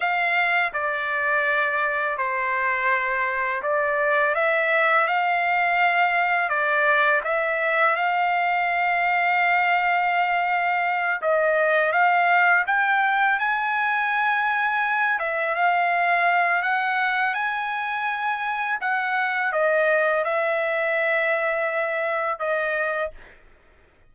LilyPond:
\new Staff \with { instrumentName = "trumpet" } { \time 4/4 \tempo 4 = 83 f''4 d''2 c''4~ | c''4 d''4 e''4 f''4~ | f''4 d''4 e''4 f''4~ | f''2.~ f''8 dis''8~ |
dis''8 f''4 g''4 gis''4.~ | gis''4 e''8 f''4. fis''4 | gis''2 fis''4 dis''4 | e''2. dis''4 | }